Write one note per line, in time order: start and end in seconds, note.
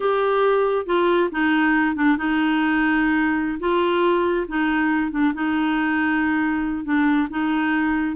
0.00 0.86 G4
0.86 1.29 F4
1.31 1.95 D#4
1.95 2.17 D4
2.17 3.58 D#4
3.59 4.46 F4
4.48 5.11 D#4
5.11 5.33 D4
5.33 6.84 D#4
6.84 7.27 D4
7.30 8.16 D#4